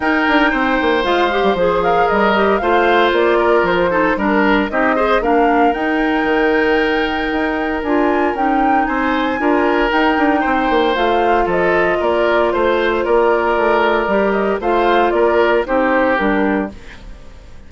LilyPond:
<<
  \new Staff \with { instrumentName = "flute" } { \time 4/4 \tempo 4 = 115 g''2 f''4 c''8 f''8 | dis''4 f''4 d''4 c''4 | ais'4 dis''4 f''4 g''4~ | g''2. gis''4 |
g''4 gis''2 g''4~ | g''4 f''4 dis''4 d''4 | c''4 d''2~ d''8 dis''8 | f''4 d''4 c''4 ais'4 | }
  \new Staff \with { instrumentName = "oboe" } { \time 4/4 ais'4 c''2~ c''8 ais'8~ | ais'4 c''4. ais'4 a'8 | ais'4 g'8 c''8 ais'2~ | ais'1~ |
ais'4 c''4 ais'2 | c''2 a'4 ais'4 | c''4 ais'2. | c''4 ais'4 g'2 | }
  \new Staff \with { instrumentName = "clarinet" } { \time 4/4 dis'2 f'8 g'8 gis'4~ | gis'8 g'8 f'2~ f'8 dis'8 | d'4 dis'8 gis'8 d'4 dis'4~ | dis'2. f'4 |
dis'2 f'4 dis'4~ | dis'4 f'2.~ | f'2. g'4 | f'2 dis'4 d'4 | }
  \new Staff \with { instrumentName = "bassoon" } { \time 4/4 dis'8 d'8 c'8 ais8 gis8. g16 f4 | g4 a4 ais4 f4 | g4 c'4 ais4 dis'4 | dis2 dis'4 d'4 |
cis'4 c'4 d'4 dis'8 d'8 | c'8 ais8 a4 f4 ais4 | a4 ais4 a4 g4 | a4 ais4 c'4 g4 | }
>>